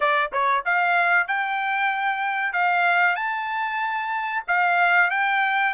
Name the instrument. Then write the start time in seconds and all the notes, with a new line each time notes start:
trumpet
0.00 D5
0.32 C#5
0.65 F5
1.27 G5
2.52 F5
3.15 A5
4.47 F5
5.10 G5